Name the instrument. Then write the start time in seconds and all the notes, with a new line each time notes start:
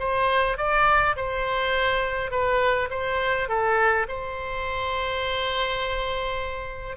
oboe
0.00 C5
0.58 D5
1.17 C5
2.31 B4
2.91 C5
3.49 A4
4.09 C5